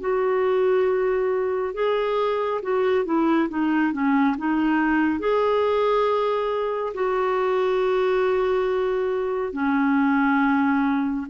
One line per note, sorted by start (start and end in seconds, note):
0.00 1.74 F#4
1.74 2.60 G#4
2.62 3.05 F#4
3.05 3.48 E4
3.49 3.92 D#4
3.92 4.36 C#4
4.38 5.19 D#4
5.19 6.93 G#4
6.94 9.52 F#4
9.52 11.26 C#4